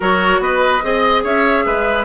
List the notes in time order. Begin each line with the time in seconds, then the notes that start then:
0.00 F#3 F#4 A#4 C#5
0.39 B3 B4 D#5
0.82 C4 G#4 D#5
1.23 C#4 C#5 E5
1.65 G#3 B4